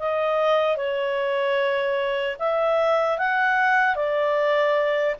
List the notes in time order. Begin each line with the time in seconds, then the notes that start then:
0.00 D#5
0.77 C#5
2.40 E5
3.19 F#5
3.96 D5